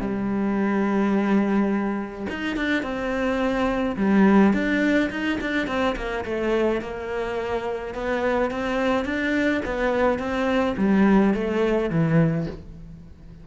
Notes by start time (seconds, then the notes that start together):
0.00 G3
2.29 D#4
2.56 D4
2.82 C4
3.96 G3
4.53 D4
5.10 D#4
5.41 D4
5.67 C4
5.96 A#3
6.24 A3
6.81 A#3
7.94 B3
8.50 C4
9.04 D4
9.65 B3
10.18 C4
10.77 G3
11.34 A3
11.90 E3